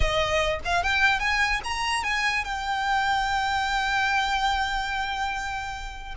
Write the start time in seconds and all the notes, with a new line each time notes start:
0.00 D#5
0.64 F5
0.83 G5
1.19 G#5
1.64 A#5
2.03 G#5
2.44 G5